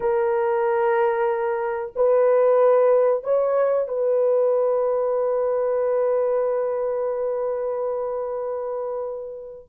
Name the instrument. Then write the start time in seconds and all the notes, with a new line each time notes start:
horn
0.00 A#4
1.95 B4
3.23 C#5
3.88 B4